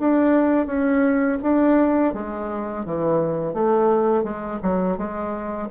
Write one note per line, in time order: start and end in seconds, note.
0.00 0.67 D4
0.67 1.38 C#4
1.43 2.14 D4
2.14 2.85 G#3
2.86 3.54 E3
3.54 4.24 A3
4.24 4.59 G#3
4.63 4.98 F#3
4.98 5.69 G#3